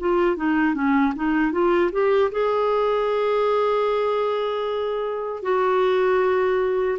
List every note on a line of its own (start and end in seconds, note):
0.00 0.36 F4
0.36 0.75 D#4
0.75 1.14 C#4
1.16 1.52 D#4
1.52 1.91 F4
1.92 2.31 G4
2.32 5.43 G#4
5.43 6.98 F#4